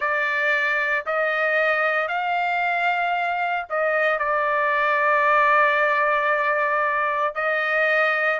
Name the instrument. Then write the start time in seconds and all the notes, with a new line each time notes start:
trumpet
0.00 D5
1.06 D#5
2.08 F5
3.69 D#5
4.18 D5
7.34 D#5